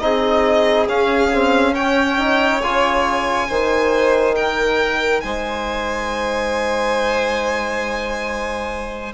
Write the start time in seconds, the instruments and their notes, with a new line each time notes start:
0.00 bassoon C4, trombone D#4, violin G#4 D#5
0.88 bassoon C#4, trombone C#4, violin F5
1.33 trombone C4
1.74 trombone C#4, violin C#5 G5
2.18 trombone D#4
2.62 bassoon C#3, trombone F4, violin G#5
3.48 bassoon D#3, trombone D#4, violin C5
4.35 violin A#4 G5
5.21 bassoon G#3, violin C5 G#5